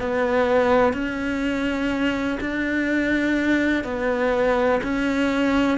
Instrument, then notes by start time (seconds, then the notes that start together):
cello
0.00 B3
0.93 C#4
2.41 D4
3.84 B3
4.83 C#4